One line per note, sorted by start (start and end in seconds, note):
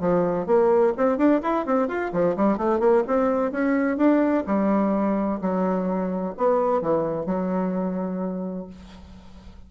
0.00 0.46 F3
0.46 0.93 A#3
0.97 1.17 C4
1.17 1.41 D4
1.42 1.66 E4
1.66 1.88 C4
1.88 2.11 F4
2.12 2.36 F3
2.37 2.57 G3
2.57 2.80 A3
2.80 3.03 A#3
3.07 3.51 C4
3.51 3.97 C#4
3.97 4.44 D4
4.46 5.40 G3
5.41 6.35 F#3
6.37 6.82 B3
6.82 7.26 E3
7.26 8.67 F#3